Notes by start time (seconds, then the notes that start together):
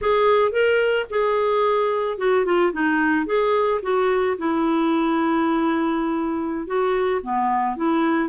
0.01 G#4
0.51 A#4
1.10 G#4
2.18 F#4
2.45 F4
2.72 D#4
3.26 G#4
3.82 F#4
4.38 E4
6.66 F#4
7.22 B3
7.76 E4